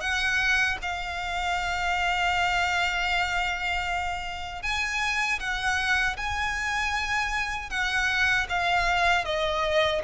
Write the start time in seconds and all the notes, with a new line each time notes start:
0.00 F#5
0.81 F5
4.62 G#5
5.39 F#5
6.16 G#5
7.70 F#5
8.49 F5
9.24 D#5